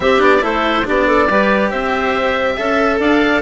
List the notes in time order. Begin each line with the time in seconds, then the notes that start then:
0.00 C4 G4 E5
0.18 B3 D4 D5
0.40 A3 E4 A4 C5
0.84 B3 D4 G4 D5
1.06 A4
1.29 G3 G4 B4
1.70 C4 C5 E5
2.53 C#4 A4 E5
2.99 D4 D5 F5